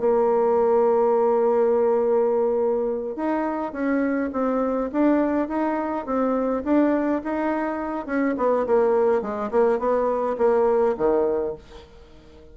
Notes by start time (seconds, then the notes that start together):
0.00 A#3
3.16 D#4
3.73 C#4
4.33 C4
4.92 D4
5.48 D#4
6.06 C4
6.64 D4
7.24 D#4
8.06 C#4
8.37 B3
8.66 A#3
9.22 G#3
9.51 A#3
9.79 B3
10.38 A#3
10.97 D#3